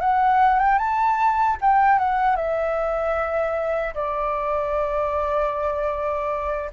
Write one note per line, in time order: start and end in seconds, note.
0.00 0.59 F#5
0.59 0.78 G5
0.78 1.57 A5
1.61 1.98 G5
1.98 2.36 F#5
2.36 3.94 E5
3.94 6.70 D5